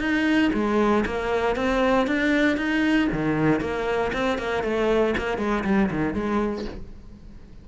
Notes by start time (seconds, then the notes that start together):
0.00 D#4
0.54 G#3
1.06 A#3
1.56 C4
2.07 D4
2.57 D#4
3.12 D#3
3.61 A#3
4.13 C4
4.38 A#3
4.64 A3
5.18 A#3
5.38 G#3
5.65 G3
5.91 D#3
6.14 G#3